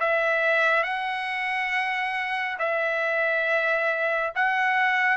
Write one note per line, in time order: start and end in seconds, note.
0.00 0.83 E5
0.83 2.57 F#5
2.59 4.33 E5
4.35 5.17 F#5